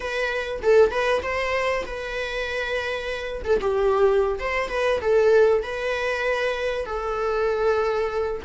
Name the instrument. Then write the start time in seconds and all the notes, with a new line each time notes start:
viola
0.00 B4
0.62 A4
0.91 B4
1.22 C5
1.86 B4
3.44 A4
3.60 G4
4.39 C5
4.69 B4
5.01 A4
5.62 B4
6.85 A4